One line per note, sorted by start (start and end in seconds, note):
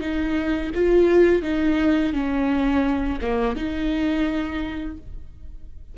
0.00 0.71 D#4
0.74 1.42 F4
1.42 2.13 D#4
2.13 3.19 C#4
3.21 3.56 A#3
3.56 4.97 D#4